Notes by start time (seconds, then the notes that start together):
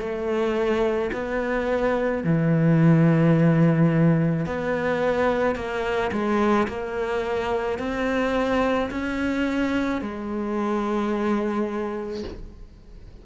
0.00 A3
1.13 B3
2.24 E3
4.46 B3
5.56 A#3
6.12 G#3
6.68 A#3
7.79 C4
8.91 C#4
10.02 G#3